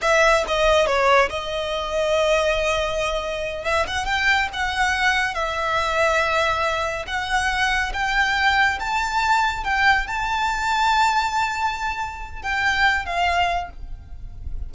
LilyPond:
\new Staff \with { instrumentName = "violin" } { \time 4/4 \tempo 4 = 140 e''4 dis''4 cis''4 dis''4~ | dis''1~ | dis''8 e''8 fis''8 g''4 fis''4.~ | fis''8 e''2.~ e''8~ |
e''8 fis''2 g''4.~ | g''8 a''2 g''4 a''8~ | a''1~ | a''4 g''4. f''4. | }